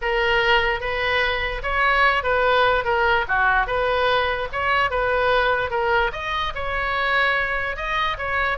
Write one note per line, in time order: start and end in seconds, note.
0.01 0.80 A#4
0.80 1.62 B4
1.63 2.23 C#5
2.23 2.84 B4
2.84 3.25 A#4
3.27 3.66 F#4
3.66 4.48 B4
4.52 4.90 C#5
4.90 5.70 B4
5.70 6.11 A#4
6.12 6.53 D#5
6.54 7.76 C#5
7.76 8.17 D#5
8.18 8.58 C#5